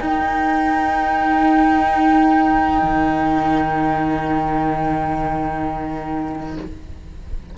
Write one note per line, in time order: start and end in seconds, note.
0.00 6.57 D#4
0.00 2.82 D#4
0.00 6.56 A#4
0.00 6.58 G5
2.83 6.58 D#3